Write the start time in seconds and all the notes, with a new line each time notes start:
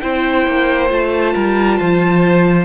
0.00 C4 E4 C5 G5
0.46 A#3
0.88 A3 F4 A5
1.33 G3 A#4
1.78 F3 C5